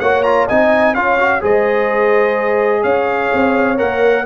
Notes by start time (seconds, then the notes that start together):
0.00 A#3 F#4 C#5 F#5
0.23 F4 A#5
0.46 C4 D#4 D#5 G#5
0.94 C#4 F4 C#5 F5
1.19 F#4
1.41 G#3 G#4 C5 D#5
2.82 C#4 C#5 F5
3.33 C4
3.76 A#3 A#4 F#5